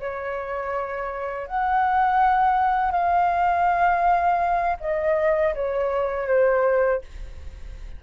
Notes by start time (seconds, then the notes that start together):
0.00 C#5
1.47 F#5
2.92 F5
4.80 D#5
5.55 C#5
6.28 C5